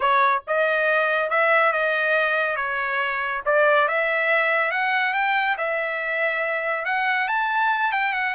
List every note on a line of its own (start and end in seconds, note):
0.00 0.42 C#5
0.47 1.30 D#5
1.30 1.72 E5
1.72 2.56 D#5
2.56 3.41 C#5
3.45 3.88 D5
3.88 4.71 E5
4.71 5.13 F#5
5.13 5.56 G5
5.57 6.85 E5
6.85 7.28 F#5
7.28 7.92 A5
7.92 8.13 G5
8.13 8.34 F#5